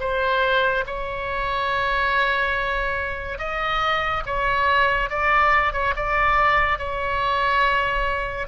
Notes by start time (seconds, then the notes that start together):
0.00 C5
0.86 C#5
3.38 D#5
4.26 C#5
5.10 D5
5.73 C#5
5.96 D5
6.78 C#5